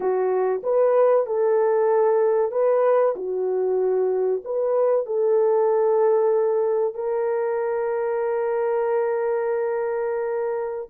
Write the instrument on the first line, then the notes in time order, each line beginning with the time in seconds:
horn
0.00 F#4
0.63 B4
1.26 A4
2.51 B4
3.16 F#4
4.44 B4
5.06 A4
6.94 A#4